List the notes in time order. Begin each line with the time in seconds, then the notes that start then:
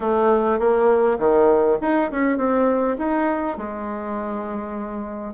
0.00 A3
0.59 A#3
1.19 D#3
1.81 D#4
2.11 C#4
2.37 C4
2.98 D#4
3.57 G#3